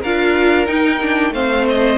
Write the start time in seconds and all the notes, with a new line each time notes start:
0.00 D4 F4 A#4 F5
0.66 D#4 G5
1.01 D4
1.30 A3 C4 C5 F5
1.68 D#5